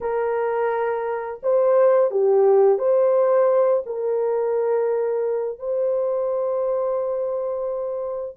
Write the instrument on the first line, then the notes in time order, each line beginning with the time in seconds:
horn
0.00 A#4
1.42 C5
2.10 G4
2.78 C5
3.86 A#4
5.58 C5